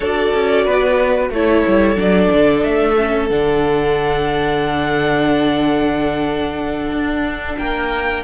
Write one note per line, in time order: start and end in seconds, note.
0.00 0.33 D4
0.00 1.34 F#4
0.00 0.64 A4
0.00 1.27 D5
0.33 0.66 C#4
0.64 1.29 B3
0.64 1.30 B4
1.29 1.62 A3
1.29 1.96 E4
1.29 7.58 A4
1.29 1.99 C#5
1.67 1.95 G3
1.95 2.28 F#3
1.95 2.95 D4
1.95 2.63 D5
2.32 2.64 D3
2.63 3.30 A3
2.63 3.29 E5
2.97 3.30 C#4
3.29 6.91 D3
3.29 8.23 D4
3.29 7.57 F#5
6.91 7.56 D4
7.57 8.23 A#3
7.57 8.23 A#4
7.57 8.23 G5